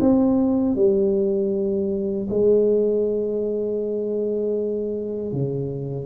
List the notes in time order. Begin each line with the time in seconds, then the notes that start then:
0.00 C4
0.75 G3
2.30 G#3
5.32 C#3